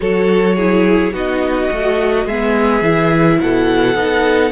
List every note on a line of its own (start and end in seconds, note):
0.00 1.12 F#3
0.00 0.56 F#4
0.00 0.56 A4
0.00 1.13 C#5
0.56 1.13 E4
0.56 1.12 G#4
1.12 1.68 B3
1.12 1.70 D#4
1.12 2.25 F#4
1.12 2.27 D#5
1.70 2.25 A3
1.70 2.27 F#4
2.25 2.81 G#3
2.25 2.83 B3
2.25 3.38 G#4
2.25 3.40 E5
2.81 3.38 E3
2.81 3.96 E4
3.40 3.95 B2
3.40 4.51 A4
3.40 4.51 F#5
3.95 4.51 B3
3.95 4.51 D#4